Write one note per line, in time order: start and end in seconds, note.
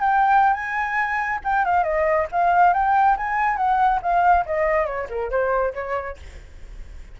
0.00 0.53 G5
0.53 1.39 G#5
1.44 1.65 G5
1.65 1.83 F5
1.83 2.27 D#5
2.32 2.73 F5
2.73 3.16 G5
3.17 3.56 G#5
3.56 3.99 F#5
4.02 4.45 F5
4.46 4.86 D#5
4.86 5.07 C#5
5.09 5.30 A#4
5.30 5.73 C5
5.74 6.17 C#5